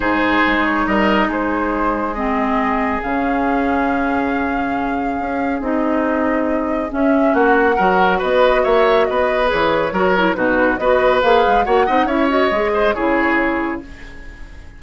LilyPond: <<
  \new Staff \with { instrumentName = "flute" } { \time 4/4 \tempo 4 = 139 c''4. cis''8 dis''4 c''4~ | c''4 dis''2 f''4~ | f''1~ | f''4 dis''2. |
e''4 fis''2 dis''4 | e''4 dis''4 cis''2 | b'4 dis''4 f''4 fis''4 | e''8 dis''4. cis''2 | }
  \new Staff \with { instrumentName = "oboe" } { \time 4/4 gis'2 ais'4 gis'4~ | gis'1~ | gis'1~ | gis'1~ |
gis'4 fis'4 ais'4 b'4 | cis''4 b'2 ais'4 | fis'4 b'2 cis''8 dis''8 | cis''4. c''8 gis'2 | }
  \new Staff \with { instrumentName = "clarinet" } { \time 4/4 dis'1~ | dis'4 c'2 cis'4~ | cis'1~ | cis'4 dis'2. |
cis'2 fis'2~ | fis'2 gis'4 fis'8 e'8 | dis'4 fis'4 gis'4 fis'8 dis'8 | e'8 fis'8 gis'4 e'2 | }
  \new Staff \with { instrumentName = "bassoon" } { \time 4/4 gis,4 gis4 g4 gis4~ | gis2. cis4~ | cis1 | cis'4 c'2. |
cis'4 ais4 fis4 b4 | ais4 b4 e4 fis4 | b,4 b4 ais8 gis8 ais8 c'8 | cis'4 gis4 cis2 | }
>>